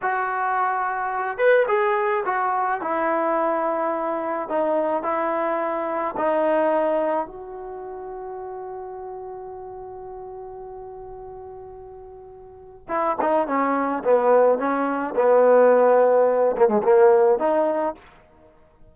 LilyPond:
\new Staff \with { instrumentName = "trombone" } { \time 4/4 \tempo 4 = 107 fis'2~ fis'8 b'8 gis'4 | fis'4 e'2. | dis'4 e'2 dis'4~ | dis'4 fis'2.~ |
fis'1~ | fis'2. e'8 dis'8 | cis'4 b4 cis'4 b4~ | b4. ais16 gis16 ais4 dis'4 | }